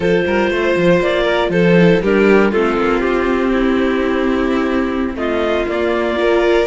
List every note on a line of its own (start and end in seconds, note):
0.00 0.22 F3
0.00 1.75 F4
0.00 0.24 A4
0.00 1.01 C5
0.26 0.49 G3
0.26 0.50 A#4
0.49 0.75 A3
0.49 1.23 C5
0.76 1.00 F3
1.00 1.49 A#3
1.00 1.51 D5
1.23 1.48 A#4
1.49 1.99 F3
1.49 2.02 A4
1.49 2.01 C5
1.77 2.03 E4
2.02 2.53 G3
2.02 2.53 D4
2.02 2.50 G4
2.02 2.51 A#4
2.50 2.76 A3
2.50 5.68 C4
2.50 3.51 F4
2.50 2.99 A4
2.76 3.02 A#3
2.99 5.14 C4
2.99 5.13 G4
3.52 5.16 E4
5.14 5.65 A3
5.14 6.18 F4
5.14 5.67 D#5
5.68 6.17 A#3
5.68 6.66 A#3
5.68 6.66 D5
6.17 6.66 F4
6.17 6.66 A#4